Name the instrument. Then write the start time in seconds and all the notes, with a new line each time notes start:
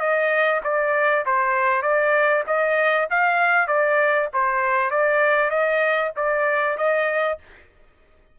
trumpet
0.00 D#5
0.64 D5
1.26 C5
1.83 D5
2.47 D#5
3.10 F5
3.68 D5
4.34 C5
4.91 D5
5.50 D#5
6.16 D5
6.78 D#5